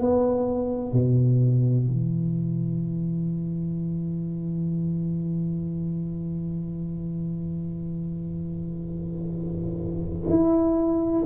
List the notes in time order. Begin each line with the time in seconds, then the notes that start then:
0.00 B3
0.92 B2
1.86 E3
10.30 E4